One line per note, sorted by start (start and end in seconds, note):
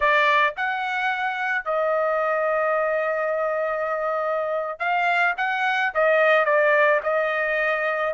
0.00 0.54 D5
0.56 1.65 F#5
1.65 4.79 D#5
4.79 5.34 F5
5.37 5.92 F#5
5.94 6.45 D#5
6.45 7.00 D5
7.03 8.13 D#5